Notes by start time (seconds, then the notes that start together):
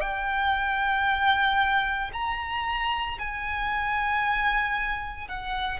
0.00 G5
2.12 A#5
3.18 G#5
5.28 F#5